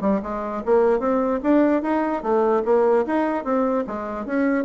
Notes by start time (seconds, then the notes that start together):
0.00 G3
0.22 G#3
0.65 A#3
0.99 C4
1.43 D4
1.82 D#4
2.22 A3
2.64 A#3
3.06 D#4
3.44 C4
3.86 G#3
4.25 C#4